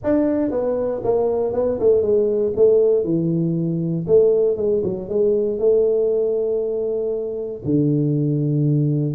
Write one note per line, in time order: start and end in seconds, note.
0.03 0.50 D4
0.50 1.01 B3
1.03 1.53 A#3
1.53 1.78 B3
1.79 2.02 A3
2.02 2.52 G#3
2.56 3.04 A3
3.04 4.05 E3
4.07 4.56 A3
4.56 4.82 G#3
4.83 5.08 F#3
5.08 5.58 G#3
5.58 7.62 A3
7.64 9.14 D3